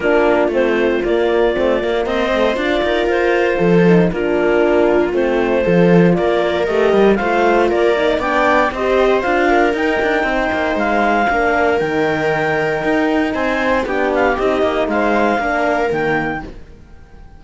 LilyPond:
<<
  \new Staff \with { instrumentName = "clarinet" } { \time 4/4 \tempo 4 = 117 ais'4 c''4 d''2 | dis''4 d''4 c''2 | ais'2 c''2 | d''4 dis''4 f''4 d''4 |
g''4 dis''4 f''4 g''4~ | g''4 f''2 g''4~ | g''2 gis''4 g''8 f''8 | dis''4 f''2 g''4 | }
  \new Staff \with { instrumentName = "viola" } { \time 4/4 f'1 | c''4. ais'4. a'4 | f'2. a'4 | ais'2 c''4 ais'4 |
d''4 c''4. ais'4. | c''2 ais'2~ | ais'2 c''4 g'4~ | g'4 c''4 ais'2 | }
  \new Staff \with { instrumentName = "horn" } { \time 4/4 d'4 c'4 ais4 c'8 ais8~ | ais8 a8 f'2~ f'8 dis'8 | d'2 c'4 f'4~ | f'4 g'4 f'4. dis'8 |
d'4 g'4 f'4 dis'4~ | dis'2 d'4 dis'4~ | dis'2. d'4 | dis'2 d'4 ais4 | }
  \new Staff \with { instrumentName = "cello" } { \time 4/4 ais4 a4 ais4 a8 ais8 | c'4 d'8 dis'8 f'4 f4 | ais2 a4 f4 | ais4 a8 g8 a4 ais4 |
b4 c'4 d'4 dis'8 d'8 | c'8 ais8 gis4 ais4 dis4~ | dis4 dis'4 c'4 b4 | c'8 ais8 gis4 ais4 dis4 | }
>>